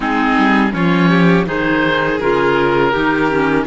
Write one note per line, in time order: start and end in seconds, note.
0.00 0.34 G#3
0.00 0.71 C4
0.00 0.72 D#4
0.00 0.73 G#4
0.37 0.73 G3
0.71 1.46 F3
0.71 1.44 C#4
0.71 1.09 F4
0.71 1.46 C#5
1.09 1.45 G4
1.45 2.19 D#3
1.45 2.18 D#4
1.45 2.91 G#4
1.45 2.20 C5
2.20 2.94 C#3
2.20 2.93 F4
2.20 3.66 A#4
2.91 3.66 D#3
2.91 3.29 D#4
2.91 3.64 G4
3.29 3.66 C#4